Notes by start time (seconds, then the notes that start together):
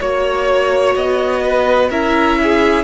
0.00 A#3 F#4 C#5
0.95 B3 D#5
1.44 B4
1.90 C#4 E4 A#4 E5
2.43 G#4